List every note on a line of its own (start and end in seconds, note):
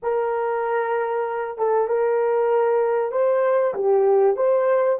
0.02 1.57 A#4
1.57 1.87 A4
1.87 3.11 A#4
3.11 3.74 C5
3.74 4.36 G4
4.36 4.99 C5